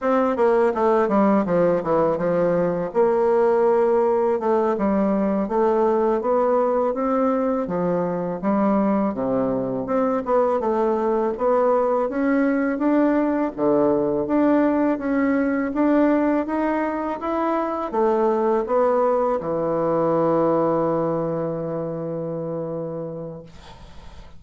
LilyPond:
\new Staff \with { instrumentName = "bassoon" } { \time 4/4 \tempo 4 = 82 c'8 ais8 a8 g8 f8 e8 f4 | ais2 a8 g4 a8~ | a8 b4 c'4 f4 g8~ | g8 c4 c'8 b8 a4 b8~ |
b8 cis'4 d'4 d4 d'8~ | d'8 cis'4 d'4 dis'4 e'8~ | e'8 a4 b4 e4.~ | e1 | }